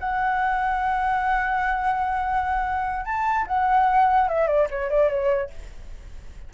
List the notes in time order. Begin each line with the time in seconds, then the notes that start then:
0.00 F#5
3.06 A5
3.47 F#5
4.29 E5
4.47 D5
4.70 C#5
4.90 D5
5.09 C#5